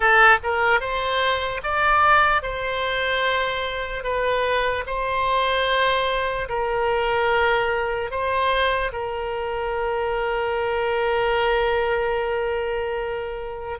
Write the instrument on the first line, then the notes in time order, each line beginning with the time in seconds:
oboe
0.00 A4
0.43 A#4
0.80 C5
1.63 D5
2.42 C5
4.03 B4
4.86 C5
6.48 A#4
8.10 C5
8.92 A#4